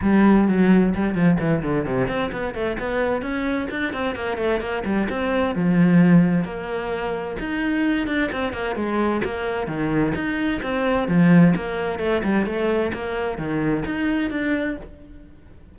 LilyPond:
\new Staff \with { instrumentName = "cello" } { \time 4/4 \tempo 4 = 130 g4 fis4 g8 f8 e8 d8 | c8 c'8 b8 a8 b4 cis'4 | d'8 c'8 ais8 a8 ais8 g8 c'4 | f2 ais2 |
dis'4. d'8 c'8 ais8 gis4 | ais4 dis4 dis'4 c'4 | f4 ais4 a8 g8 a4 | ais4 dis4 dis'4 d'4 | }